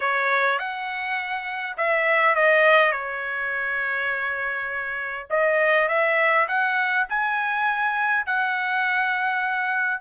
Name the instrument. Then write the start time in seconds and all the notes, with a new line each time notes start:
trumpet
0.00 C#5
0.59 F#5
1.77 E5
2.35 D#5
2.92 C#5
5.30 D#5
5.88 E5
6.47 F#5
7.09 G#5
8.26 F#5